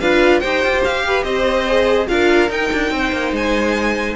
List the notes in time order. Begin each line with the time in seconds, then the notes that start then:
0.00 D4 F4 B4 F5
0.40 D#4 G4 C5 G5
0.64 F4
0.84 G4 F5
1.07 B4
1.23 C4 C5 D#5
1.68 G#4
2.07 D4 F4 A#4 F5
2.49 D#4 G5
2.72 D4
2.90 C4 C5
3.12 A#3
3.32 G#3 G#5